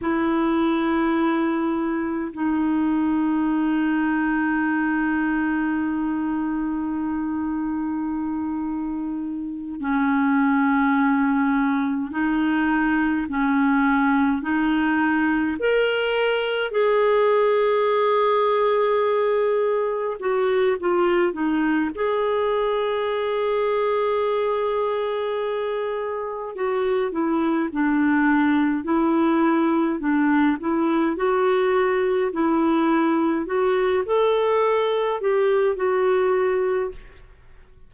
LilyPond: \new Staff \with { instrumentName = "clarinet" } { \time 4/4 \tempo 4 = 52 e'2 dis'2~ | dis'1~ | dis'8 cis'2 dis'4 cis'8~ | cis'8 dis'4 ais'4 gis'4.~ |
gis'4. fis'8 f'8 dis'8 gis'4~ | gis'2. fis'8 e'8 | d'4 e'4 d'8 e'8 fis'4 | e'4 fis'8 a'4 g'8 fis'4 | }